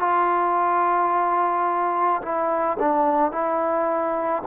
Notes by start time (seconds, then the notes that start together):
0.00 F4
2.22 E4
2.79 D4
3.32 E4